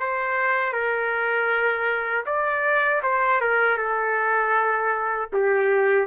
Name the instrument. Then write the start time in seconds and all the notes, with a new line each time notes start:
trumpet
0.00 C5
0.73 A#4
2.26 D5
3.03 C5
3.41 A#4
3.78 A4
5.33 G4